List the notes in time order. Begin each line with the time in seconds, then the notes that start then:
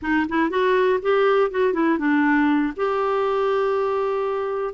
0.01 D#4
0.28 E4
0.50 F#4
1.01 G4
1.50 F#4
1.73 E4
1.98 D4
2.76 G4